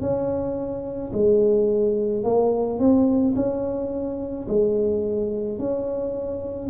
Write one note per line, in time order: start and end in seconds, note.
0.00 1.11 C#4
1.13 2.23 G#3
2.23 2.79 A#3
2.79 3.34 C4
3.35 4.46 C#4
4.47 5.58 G#3
5.58 6.69 C#4